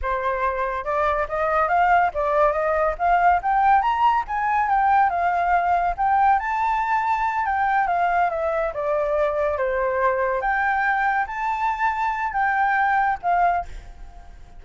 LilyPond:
\new Staff \with { instrumentName = "flute" } { \time 4/4 \tempo 4 = 141 c''2 d''4 dis''4 | f''4 d''4 dis''4 f''4 | g''4 ais''4 gis''4 g''4 | f''2 g''4 a''4~ |
a''4. g''4 f''4 e''8~ | e''8 d''2 c''4.~ | c''8 g''2 a''4.~ | a''4 g''2 f''4 | }